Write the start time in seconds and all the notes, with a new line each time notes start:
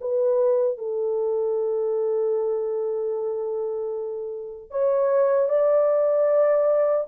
0.00 B4
0.78 A4
4.70 C#5
5.49 D5